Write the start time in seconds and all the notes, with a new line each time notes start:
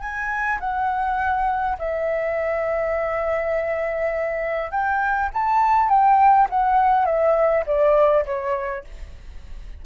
0.00 G#5
0.60 F#5
1.79 E5
4.71 G5
5.34 A5
5.89 G5
6.50 F#5
7.06 E5
7.66 D5
8.25 C#5